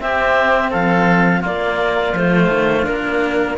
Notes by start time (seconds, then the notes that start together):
0.00 C4 G4 E5
0.71 F3 A4 F5
1.41 A#3 F4 D5
1.47 A#3
2.14 F3 A3 C5
2.50 D#3
2.83 A#3 D4 A#4